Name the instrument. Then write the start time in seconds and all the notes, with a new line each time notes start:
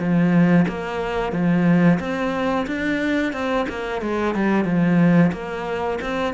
cello
0.00 F3
0.69 A#3
1.33 F3
2.00 C4
2.68 D4
3.33 C4
3.70 A#3
4.02 G#3
4.35 G3
4.65 F3
5.33 A#3
6.02 C4